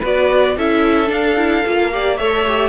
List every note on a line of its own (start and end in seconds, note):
0.00 0.57 B3
0.00 0.57 F#4
0.00 0.54 B4
0.00 0.58 D5
0.57 1.10 C#4
0.57 1.07 E4
0.57 1.92 A4
0.57 1.11 E5
1.07 1.34 D4
1.07 1.64 D4
1.07 2.17 F5
1.37 1.64 E4
1.66 2.19 A#3
1.66 1.92 F4
1.92 2.19 G4
1.92 2.19 D5
2.17 2.69 A3
2.17 2.46 A4
2.17 2.69 C#5
2.17 2.69 E5
2.48 2.69 G4